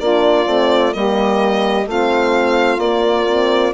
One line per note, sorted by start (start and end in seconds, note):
0.00 0.46 A#3
0.00 0.46 D4
0.00 0.95 F4
0.00 0.93 D5
0.46 0.93 A3
0.46 0.92 C4
0.92 1.87 G3
0.92 1.86 A#3
0.92 1.87 G4
0.92 1.87 D#5
1.87 2.78 A3
1.87 2.79 C4
1.87 3.74 F4
1.87 2.80 F5
2.78 3.72 A#3
2.78 3.26 A#3
2.78 3.73 D5
3.27 3.74 C4